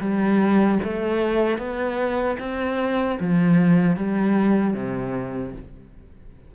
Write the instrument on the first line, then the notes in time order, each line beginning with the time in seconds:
cello
0.00 G3
0.84 A3
1.58 B3
2.39 C4
3.20 F3
3.97 G3
4.74 C3